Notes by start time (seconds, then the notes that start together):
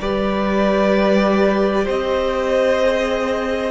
0.00 G3 G4 B4 D5
1.85 C4 C5 D#5
2.83 G#4